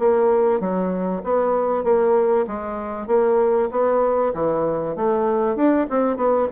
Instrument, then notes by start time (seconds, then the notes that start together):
bassoon
0.00 A#3
0.60 F#3
1.24 B3
1.84 A#3
2.47 G#3
3.08 A#3
3.71 B3
4.34 E3
4.96 A3
5.56 D4
5.90 C4
6.17 B3